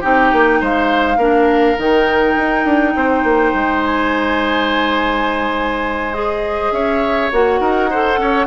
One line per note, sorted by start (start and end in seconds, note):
0.00 0.32 C4
0.00 1.18 D#4
0.00 0.58 G4
0.00 0.62 G5
0.32 0.61 A#3
0.60 1.16 G#3
0.60 1.17 C5
0.60 1.79 F5
1.16 1.75 A#3
1.16 1.77 D4
1.16 2.92 A#4
1.78 2.36 D#3
1.78 6.14 D#4
1.78 3.83 G5
2.36 2.64 D#4
2.64 2.93 D4
2.95 3.23 C4
2.95 6.73 C5
3.23 3.52 A#3
3.53 6.71 G#3
3.83 6.13 G#5
6.13 7.30 G#4
6.13 6.71 D#5
6.71 7.29 C#4
6.71 7.60 C#5
6.71 7.29 E5
7.31 7.59 A#3
7.31 7.90 F#4
7.31 8.46 F#5
7.59 8.17 D#4
7.59 7.89 A#4
7.90 8.46 A4
7.90 8.19 C5
8.17 8.46 C#4
8.17 8.46 C#5